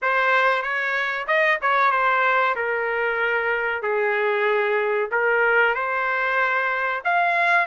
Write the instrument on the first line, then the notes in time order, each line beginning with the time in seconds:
trumpet
0.02 C5
0.62 C#5
1.27 D#5
1.61 C#5
1.91 C5
2.55 A#4
3.82 G#4
5.11 A#4
5.74 C5
7.04 F5